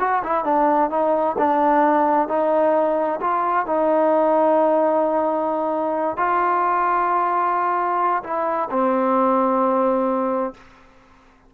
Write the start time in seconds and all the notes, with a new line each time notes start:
0.00 F#4
0.24 E4
0.45 D4
0.91 D#4
1.38 D4
2.29 D#4
3.21 F4
3.67 D#4
6.17 F4
8.24 E4
8.71 C4